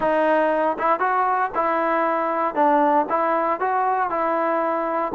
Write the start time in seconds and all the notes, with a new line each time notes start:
0.00 D#4
0.78 E4
0.99 F#4
1.55 E4
2.54 D4
3.09 E4
3.59 F#4
4.10 E4